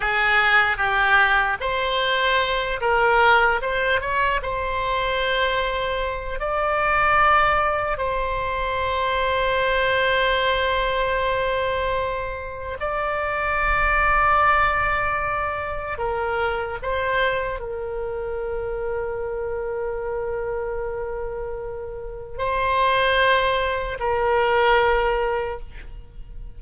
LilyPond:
\new Staff \with { instrumentName = "oboe" } { \time 4/4 \tempo 4 = 75 gis'4 g'4 c''4. ais'8~ | ais'8 c''8 cis''8 c''2~ c''8 | d''2 c''2~ | c''1 |
d''1 | ais'4 c''4 ais'2~ | ais'1 | c''2 ais'2 | }